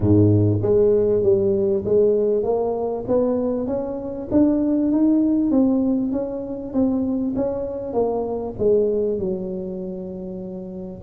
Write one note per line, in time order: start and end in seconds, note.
0.00 0.59 G#2
0.62 1.22 G#3
1.22 1.84 G3
1.85 2.43 G#3
2.43 3.04 A#3
3.07 3.67 B3
3.67 4.28 C#4
4.31 4.91 D4
4.91 5.50 D#4
5.50 6.11 C4
6.11 6.73 C#4
6.73 7.34 C4
7.36 7.93 C#4
7.93 8.54 A#3
8.58 9.18 G#3
9.18 11.02 F#3